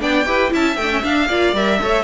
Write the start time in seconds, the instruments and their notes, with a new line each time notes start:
0.00 cello B3, viola D4, violin D5 G5
0.26 cello E4, viola G4, violin B4
0.50 cello C#4, viola E4, violin E5 A5
0.77 cello A3, viola D4, violin G5
0.90 viola C#4
1.03 viola D4, cello D4, violin F5
1.29 cello A#3, viola F4, violin D5
1.54 cello G3, viola A#4, violin E5
1.81 cello A3, viola A4, violin C#5